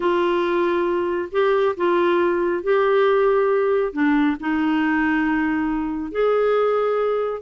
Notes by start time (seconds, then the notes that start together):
0.00 F4
1.31 G4
1.76 F4
2.63 G4
3.93 D4
4.40 D#4
6.11 G#4